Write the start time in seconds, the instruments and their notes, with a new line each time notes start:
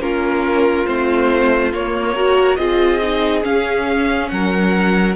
0.00 cello A#3, viola C#4, violin F4 A#4
0.86 cello A3, viola C4, violin C5
1.73 cello A#3, viola A#3, violin C#5
2.15 viola F#4, violin A#4
2.56 cello C4, viola F4, violin G#4 D#5
3.01 viola D#4
3.43 viola C#4, cello C#4, violin F5
4.29 cello F#3, violin A#4 F#5